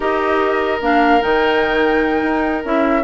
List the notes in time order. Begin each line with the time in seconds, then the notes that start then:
0.00 D#4 G4 A#4 D#5
0.81 A#3 D4 F5
1.20 D#3 D#4 G5
2.22 D#4
2.64 C#4 E4 E5